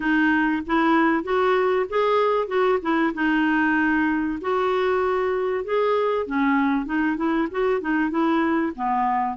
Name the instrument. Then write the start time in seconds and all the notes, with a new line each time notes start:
clarinet
0.00 D#4
0.66 E4
1.23 F#4
1.89 G#4
2.47 F#4
2.82 E4
3.14 D#4
4.41 F#4
5.64 G#4
6.26 C#4
6.85 D#4
7.16 E4
7.51 F#4
7.81 D#4
8.10 E4
8.75 B3